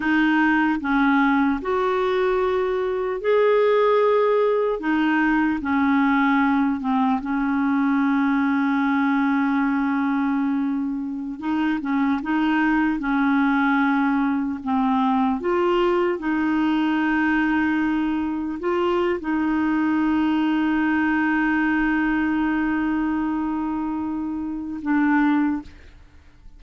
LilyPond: \new Staff \with { instrumentName = "clarinet" } { \time 4/4 \tempo 4 = 75 dis'4 cis'4 fis'2 | gis'2 dis'4 cis'4~ | cis'8 c'8 cis'2.~ | cis'2~ cis'16 dis'8 cis'8 dis'8.~ |
dis'16 cis'2 c'4 f'8.~ | f'16 dis'2. f'8. | dis'1~ | dis'2. d'4 | }